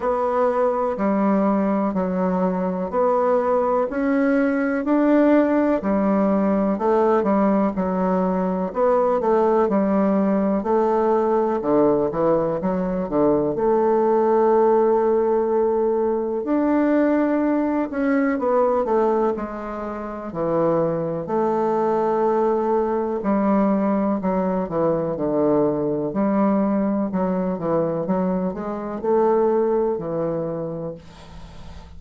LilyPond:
\new Staff \with { instrumentName = "bassoon" } { \time 4/4 \tempo 4 = 62 b4 g4 fis4 b4 | cis'4 d'4 g4 a8 g8 | fis4 b8 a8 g4 a4 | d8 e8 fis8 d8 a2~ |
a4 d'4. cis'8 b8 a8 | gis4 e4 a2 | g4 fis8 e8 d4 g4 | fis8 e8 fis8 gis8 a4 e4 | }